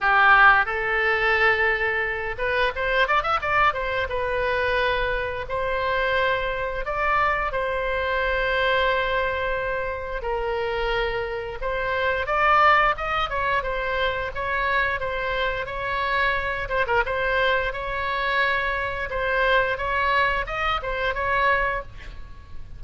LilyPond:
\new Staff \with { instrumentName = "oboe" } { \time 4/4 \tempo 4 = 88 g'4 a'2~ a'8 b'8 | c''8 d''16 e''16 d''8 c''8 b'2 | c''2 d''4 c''4~ | c''2. ais'4~ |
ais'4 c''4 d''4 dis''8 cis''8 | c''4 cis''4 c''4 cis''4~ | cis''8 c''16 ais'16 c''4 cis''2 | c''4 cis''4 dis''8 c''8 cis''4 | }